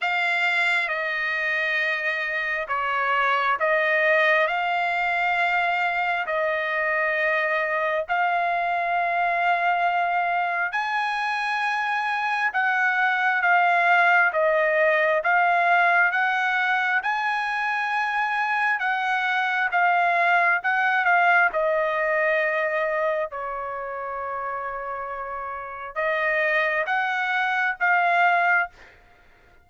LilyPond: \new Staff \with { instrumentName = "trumpet" } { \time 4/4 \tempo 4 = 67 f''4 dis''2 cis''4 | dis''4 f''2 dis''4~ | dis''4 f''2. | gis''2 fis''4 f''4 |
dis''4 f''4 fis''4 gis''4~ | gis''4 fis''4 f''4 fis''8 f''8 | dis''2 cis''2~ | cis''4 dis''4 fis''4 f''4 | }